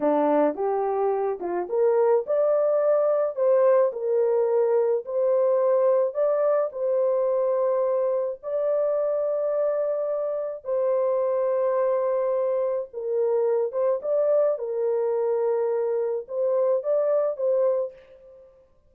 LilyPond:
\new Staff \with { instrumentName = "horn" } { \time 4/4 \tempo 4 = 107 d'4 g'4. f'8 ais'4 | d''2 c''4 ais'4~ | ais'4 c''2 d''4 | c''2. d''4~ |
d''2. c''4~ | c''2. ais'4~ | ais'8 c''8 d''4 ais'2~ | ais'4 c''4 d''4 c''4 | }